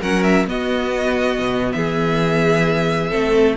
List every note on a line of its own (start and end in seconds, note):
0.00 0.47 F#3
0.00 0.47 C#4
0.00 0.46 A#4
0.00 0.23 F#5
0.23 0.46 E5
0.47 1.38 B3
0.47 3.09 B3
0.47 1.75 F#4
0.47 1.72 D#5
1.38 1.72 B2
1.72 3.12 E3
1.72 3.10 G#4
1.72 3.55 E5
3.09 3.56 A3
3.09 3.55 C4
3.09 3.55 A4